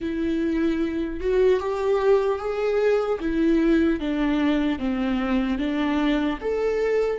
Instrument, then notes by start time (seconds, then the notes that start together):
viola
0.00 E4
1.20 F#4
1.60 G4
2.38 G#4
3.20 E4
4.00 D4
4.79 C4
5.58 D4
6.40 A4